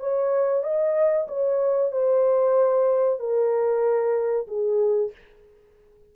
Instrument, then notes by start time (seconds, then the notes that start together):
horn
0.00 C#5
0.64 D#5
1.28 C#5
1.92 C5
3.19 A#4
4.48 G#4